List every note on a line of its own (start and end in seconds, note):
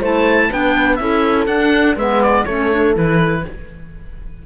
0.00 0.50 A3
0.00 0.51 E4
0.00 0.49 C5
0.00 0.53 A5
0.50 1.00 B3
0.50 0.99 D4
0.50 0.99 B4
0.50 0.96 G5
0.96 1.47 C#4
0.96 1.48 E4
0.96 1.97 A4
0.96 1.45 E5
1.47 1.96 D4
1.47 1.98 D4
1.47 1.96 F#5
1.96 2.45 G#3
1.96 2.47 B3
1.96 2.46 B4
1.96 2.23 E5
2.23 2.45 D5
2.45 2.96 A3
2.45 2.71 C#4
2.45 3.43 A4
2.45 2.94 C#5
2.71 2.95 D4
2.95 3.45 E3
2.95 3.43 E4
2.95 3.46 B4